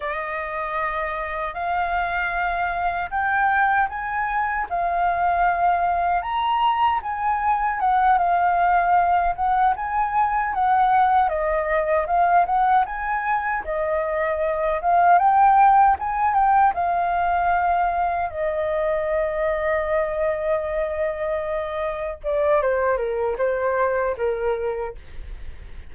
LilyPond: \new Staff \with { instrumentName = "flute" } { \time 4/4 \tempo 4 = 77 dis''2 f''2 | g''4 gis''4 f''2 | ais''4 gis''4 fis''8 f''4. | fis''8 gis''4 fis''4 dis''4 f''8 |
fis''8 gis''4 dis''4. f''8 g''8~ | g''8 gis''8 g''8 f''2 dis''8~ | dis''1~ | dis''8 d''8 c''8 ais'8 c''4 ais'4 | }